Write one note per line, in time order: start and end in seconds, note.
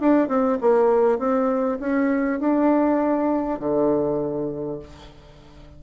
0.00 0.28 D4
0.28 0.58 C4
0.61 1.18 A#3
1.18 1.78 C4
1.80 2.40 C#4
2.40 3.59 D4
3.59 4.79 D3